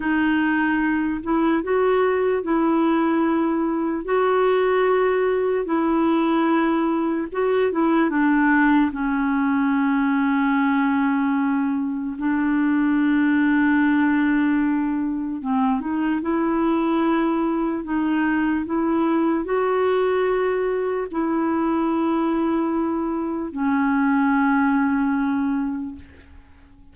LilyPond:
\new Staff \with { instrumentName = "clarinet" } { \time 4/4 \tempo 4 = 74 dis'4. e'8 fis'4 e'4~ | e'4 fis'2 e'4~ | e'4 fis'8 e'8 d'4 cis'4~ | cis'2. d'4~ |
d'2. c'8 dis'8 | e'2 dis'4 e'4 | fis'2 e'2~ | e'4 cis'2. | }